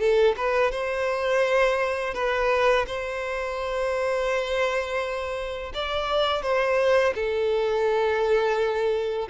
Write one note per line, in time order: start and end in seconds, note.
0.00 0.36 A4
0.37 0.71 B4
0.71 2.14 C5
2.14 2.86 B4
2.87 5.73 C5
5.74 6.43 D5
6.43 7.14 C5
7.15 9.29 A4